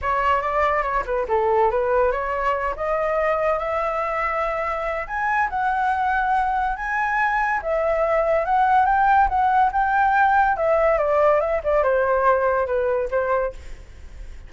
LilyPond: \new Staff \with { instrumentName = "flute" } { \time 4/4 \tempo 4 = 142 cis''4 d''4 cis''8 b'8 a'4 | b'4 cis''4. dis''4.~ | dis''8 e''2.~ e''8 | gis''4 fis''2. |
gis''2 e''2 | fis''4 g''4 fis''4 g''4~ | g''4 e''4 d''4 e''8 d''8 | c''2 b'4 c''4 | }